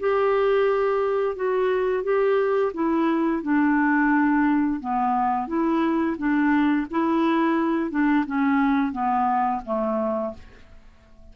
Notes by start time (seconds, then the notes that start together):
0.00 G4
1.36 F#4
2.03 G4
2.74 E4
3.43 D4
4.80 B3
5.48 E4
6.18 D4
6.91 E4
7.91 D4
8.26 C#4
8.92 B3
9.65 A3